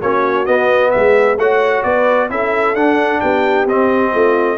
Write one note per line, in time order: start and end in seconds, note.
0.00 0.48 A#3
0.00 0.47 C#4
0.00 0.92 F#4
0.00 0.46 C#5
0.46 1.38 B3
0.46 0.94 B3
0.46 0.91 D#5
0.91 1.37 G#3
0.91 1.40 G#4
0.91 1.37 E5
1.37 1.83 A3
1.37 2.30 F#4
1.37 1.85 C#5
1.37 1.84 F#5
1.84 2.30 B3
1.84 2.31 B4
1.84 2.29 D5
2.30 2.75 C#4
2.30 2.76 E4
2.30 3.22 A4
2.30 2.76 E5
2.75 3.21 D4
2.75 3.68 D4
2.75 3.21 F#5
3.21 3.66 B3
3.21 4.12 G4
3.21 3.67 G5
3.66 4.12 C4
3.66 4.58 C4
3.66 4.58 D#5
4.12 4.58 A3
4.12 4.58 F4